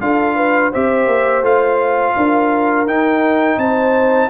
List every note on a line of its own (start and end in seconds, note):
0.00 0.71 D4
0.00 0.72 F4
0.00 0.35 A4
0.00 0.71 F5
0.35 0.71 B4
0.71 1.06 C4
0.71 1.43 G4
0.71 2.14 C5
0.71 1.44 E5
1.06 1.41 A#3
1.41 2.13 A3
1.41 2.86 F4
1.41 2.87 F5
2.16 2.85 D4
2.16 3.60 A#4
2.85 3.57 D#4
2.85 4.29 D#4
2.85 3.58 G5
3.57 4.28 C4
3.57 4.29 C5
3.57 4.29 A5